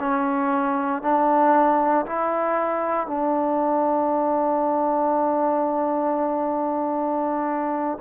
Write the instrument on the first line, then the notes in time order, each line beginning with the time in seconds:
trombone
0.00 C#4
1.03 D4
2.06 E4
3.08 D4